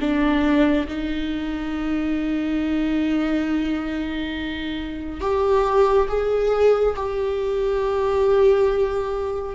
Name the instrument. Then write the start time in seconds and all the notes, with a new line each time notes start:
viola
0.00 D4
0.88 D#4
5.21 G4
6.08 G#4
6.96 G4